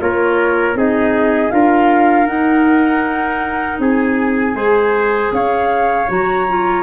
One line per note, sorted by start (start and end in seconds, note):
0.00 0.75 A#3
0.00 0.75 F4
0.00 0.77 A#4
0.00 0.76 C#5
0.75 1.51 C4
0.75 1.50 D#4
0.75 1.53 G#4
0.75 1.51 D#5
1.50 2.27 D4
1.50 2.26 F4
1.50 3.81 A#4
1.50 2.26 F5
2.26 3.79 D#4
2.26 4.54 D#4
2.26 3.78 F#5
3.79 4.55 C4
3.79 4.56 G#4
3.79 5.34 G#5
4.54 5.31 G#3
4.54 6.06 G#4
4.54 5.32 C5
5.32 6.08 C#4
5.32 6.83 C#5
5.32 6.10 F5
6.08 6.83 F#3
6.08 6.46 F#4
6.08 6.83 A#5
6.49 6.83 F4